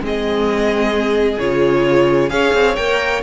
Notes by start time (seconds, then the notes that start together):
0.00 G#3 C4 G#4
0.06 D#5
1.39 C#3 F4 C#5
2.30 C#4 G#4 C#5 F5
2.54 C4
2.76 A#3 A#4 G5